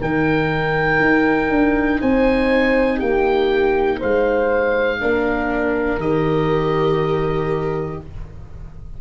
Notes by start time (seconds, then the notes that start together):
0.00 D#3 D#4 A#4 G5
0.99 D#4
1.49 D4
2.01 C4 C5 G#5
2.98 A#3 G4 G5
3.99 G#3 C5 F5
4.99 A#3 D4 A#4
5.97 D#3 G4 D#5